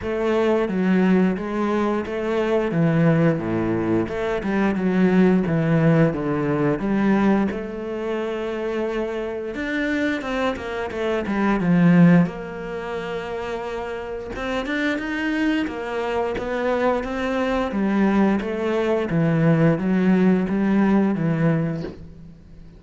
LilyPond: \new Staff \with { instrumentName = "cello" } { \time 4/4 \tempo 4 = 88 a4 fis4 gis4 a4 | e4 a,4 a8 g8 fis4 | e4 d4 g4 a4~ | a2 d'4 c'8 ais8 |
a8 g8 f4 ais2~ | ais4 c'8 d'8 dis'4 ais4 | b4 c'4 g4 a4 | e4 fis4 g4 e4 | }